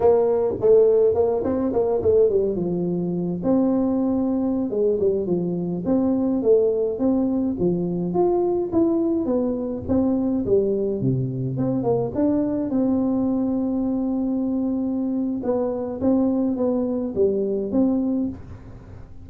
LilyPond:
\new Staff \with { instrumentName = "tuba" } { \time 4/4 \tempo 4 = 105 ais4 a4 ais8 c'8 ais8 a8 | g8 f4. c'2~ | c'16 gis8 g8 f4 c'4 a8.~ | a16 c'4 f4 f'4 e'8.~ |
e'16 b4 c'4 g4 c8.~ | c16 c'8 ais8 d'4 c'4.~ c'16~ | c'2. b4 | c'4 b4 g4 c'4 | }